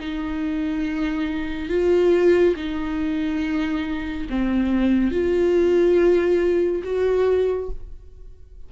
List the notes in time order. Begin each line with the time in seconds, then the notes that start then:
0.00 D#4
1.69 F4
2.56 D#4
4.30 C4
5.11 F4
6.84 F#4